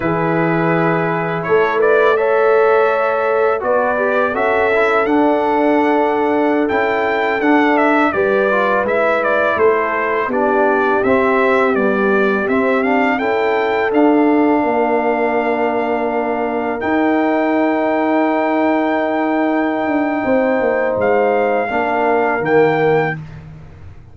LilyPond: <<
  \new Staff \with { instrumentName = "trumpet" } { \time 4/4 \tempo 4 = 83 b'2 cis''8 d''8 e''4~ | e''4 d''4 e''4 fis''4~ | fis''4~ fis''16 g''4 fis''8 e''8 d''8.~ | d''16 e''8 d''8 c''4 d''4 e''8.~ |
e''16 d''4 e''8 f''8 g''4 f''8.~ | f''2.~ f''16 g''8.~ | g''1~ | g''4 f''2 g''4 | }
  \new Staff \with { instrumentName = "horn" } { \time 4/4 gis'2 a'8 b'8 cis''4~ | cis''4 b'4 a'2~ | a'2.~ a'16 b'8.~ | b'4~ b'16 a'4 g'4.~ g'16~ |
g'2~ g'16 a'4.~ a'16~ | a'16 ais'2.~ ais'8.~ | ais'1 | c''2 ais'2 | }
  \new Staff \with { instrumentName = "trombone" } { \time 4/4 e'2. a'4~ | a'4 fis'8 g'8 fis'8 e'8 d'4~ | d'4~ d'16 e'4 d'4 g'8 f'16~ | f'16 e'2 d'4 c'8.~ |
c'16 g4 c'8 d'8 e'4 d'8.~ | d'2.~ d'16 dis'8.~ | dis'1~ | dis'2 d'4 ais4 | }
  \new Staff \with { instrumentName = "tuba" } { \time 4/4 e2 a2~ | a4 b4 cis'4 d'4~ | d'4~ d'16 cis'4 d'4 g8.~ | g16 gis4 a4 b4 c'8.~ |
c'16 b4 c'4 cis'4 d'8.~ | d'16 ais2. dis'8.~ | dis'2.~ dis'8 d'8 | c'8 ais8 gis4 ais4 dis4 | }
>>